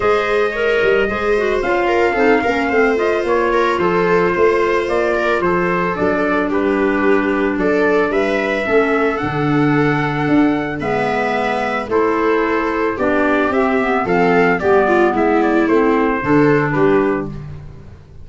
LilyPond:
<<
  \new Staff \with { instrumentName = "trumpet" } { \time 4/4 \tempo 4 = 111 dis''2. f''4~ | f''4. dis''8 cis''4 c''4~ | c''4 d''4 c''4 d''4 | b'2 d''4 e''4~ |
e''4 fis''2. | e''2 c''2 | d''4 e''4 f''4 d''4 | e''8 d''8 c''2 b'4 | }
  \new Staff \with { instrumentName = "viola" } { \time 4/4 c''4 cis''4 c''4. ais'8 | a'8 ais'8 c''4. ais'8 a'4 | c''4. ais'8 a'2 | g'2 a'4 b'4 |
a'1 | b'2 a'2 | g'2 a'4 g'8 f'8 | e'2 a'4 g'4 | }
  \new Staff \with { instrumentName = "clarinet" } { \time 4/4 gis'4 ais'4 gis'8 fis'8 f'4 | dis'8 cis'8 c'8 f'2~ f'8~ | f'2. d'4~ | d'1 |
cis'4 d'2. | b2 e'2 | d'4 c'8 b8 c'4 b4~ | b4 c'4 d'2 | }
  \new Staff \with { instrumentName = "tuba" } { \time 4/4 gis4. g8 gis4 cis'4 | c'8 ais8 a4 ais4 f4 | a4 ais4 f4 fis4 | g2 fis4 g4 |
a4 d2 d'4 | gis2 a2 | b4 c'4 f4 g4 | gis4 a4 d4 g4 | }
>>